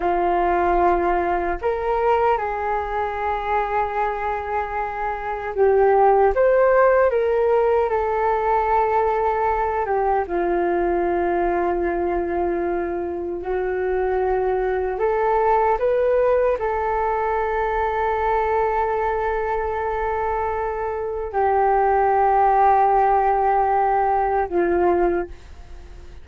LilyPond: \new Staff \with { instrumentName = "flute" } { \time 4/4 \tempo 4 = 76 f'2 ais'4 gis'4~ | gis'2. g'4 | c''4 ais'4 a'2~ | a'8 g'8 f'2.~ |
f'4 fis'2 a'4 | b'4 a'2.~ | a'2. g'4~ | g'2. f'4 | }